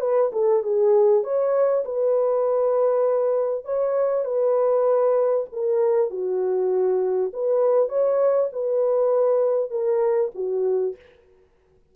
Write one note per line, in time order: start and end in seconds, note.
0.00 0.30 B4
0.32 0.62 A4
0.63 1.23 G#4
1.23 1.84 C#5
1.85 3.64 B4
3.64 4.25 C#5
4.25 5.46 B4
5.52 6.10 A#4
6.10 7.31 F#4
7.33 7.88 B4
7.88 8.49 C#5
8.52 9.70 B4
9.70 10.31 A#4
10.34 10.95 F#4